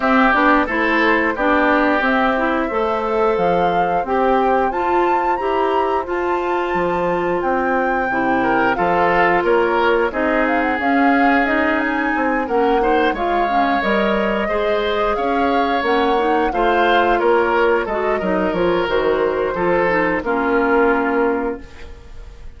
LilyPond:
<<
  \new Staff \with { instrumentName = "flute" } { \time 4/4 \tempo 4 = 89 e''8 d''8 c''4 d''4 e''4~ | e''4 f''4 g''4 a''4 | ais''4 a''2 g''4~ | g''4 f''4 cis''4 dis''8 f''16 fis''16 |
f''4 dis''8 gis''4 fis''4 f''8~ | f''8 dis''2 f''4 fis''8~ | fis''8 f''4 cis''4 dis''4 cis''8 | c''2 ais'2 | }
  \new Staff \with { instrumentName = "oboe" } { \time 4/4 g'4 a'4 g'2 | c''1~ | c''1~ | c''8 ais'8 a'4 ais'4 gis'4~ |
gis'2~ gis'8 ais'8 c''8 cis''8~ | cis''4. c''4 cis''4.~ | cis''8 c''4 ais'4 a'8 ais'4~ | ais'4 a'4 f'2 | }
  \new Staff \with { instrumentName = "clarinet" } { \time 4/4 c'8 d'8 e'4 d'4 c'8 e'8 | a'2 g'4 f'4 | g'4 f'2. | e'4 f'2 dis'4 |
cis'4 dis'4. cis'8 dis'8 f'8 | cis'8 ais'4 gis'2 cis'8 | dis'8 f'2 fis'8 dis'8 f'8 | fis'4 f'8 dis'8 cis'2 | }
  \new Staff \with { instrumentName = "bassoon" } { \time 4/4 c'8 b8 a4 b4 c'4 | a4 f4 c'4 f'4 | e'4 f'4 f4 c'4 | c4 f4 ais4 c'4 |
cis'2 c'8 ais4 gis8~ | gis8 g4 gis4 cis'4 ais8~ | ais8 a4 ais4 gis8 fis8 f8 | dis4 f4 ais2 | }
>>